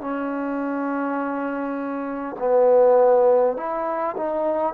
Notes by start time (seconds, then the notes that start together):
0.00 C#4
2.39 B3
3.56 E4
4.17 D#4